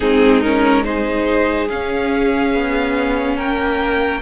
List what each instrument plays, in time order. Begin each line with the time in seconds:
0.00 cello G#3, viola C4, violin D#4 G#4
0.41 viola C#4, violin A#4
0.84 viola D#4, violin G#4 C5
1.68 viola C#4, cello C#4, violin F5
2.54 cello B3
3.36 cello A#3, violin A#4 G5